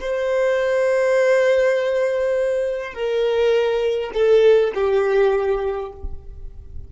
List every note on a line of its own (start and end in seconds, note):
0.00 2.94 C5
2.94 4.11 A#4
4.13 4.72 A4
4.74 5.92 G4